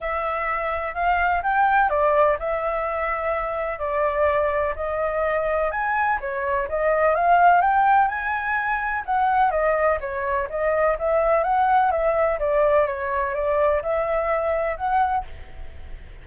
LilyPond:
\new Staff \with { instrumentName = "flute" } { \time 4/4 \tempo 4 = 126 e''2 f''4 g''4 | d''4 e''2. | d''2 dis''2 | gis''4 cis''4 dis''4 f''4 |
g''4 gis''2 fis''4 | dis''4 cis''4 dis''4 e''4 | fis''4 e''4 d''4 cis''4 | d''4 e''2 fis''4 | }